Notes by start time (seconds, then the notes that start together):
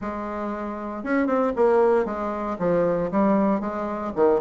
0.01 G#3
1.03 C#4
1.26 C4
1.56 A#3
2.05 G#3
2.58 F3
3.11 G3
3.60 G#3
4.15 D#3